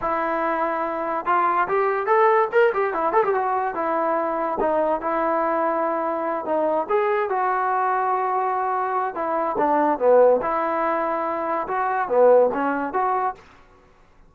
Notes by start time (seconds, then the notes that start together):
0.01 E4
1.25 F4
1.68 G4
2.06 A4
2.52 A#4
2.73 G4
2.93 E4
3.12 A4
3.24 G4
3.34 F#4
3.75 E4
4.59 D#4
5.01 E4
6.45 D#4
6.89 G#4
7.29 F#4
9.14 E4
9.58 D4
9.98 B3
10.42 E4
11.67 F#4
12.08 B3
12.53 C#4
12.93 F#4